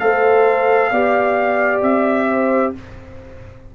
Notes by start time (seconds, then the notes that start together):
0.00 A3 A4 C5 F5
0.91 B3 G4 D5
1.82 C4 E5
2.28 C5